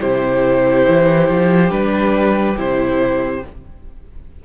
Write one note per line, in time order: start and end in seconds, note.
0.00 0.88 C3
0.00 1.70 E4
0.00 3.43 G4
0.00 1.71 C5
0.88 1.29 E3
1.29 1.70 F3
1.70 2.56 G3
1.70 2.56 D4
1.70 2.57 B4
2.57 3.43 C3
2.57 3.42 E4
2.57 3.45 C5